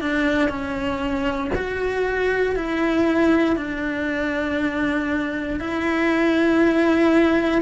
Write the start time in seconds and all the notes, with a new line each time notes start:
0.00 D4
0.49 C#4
1.54 F#4
2.55 E4
3.56 D4
5.59 E4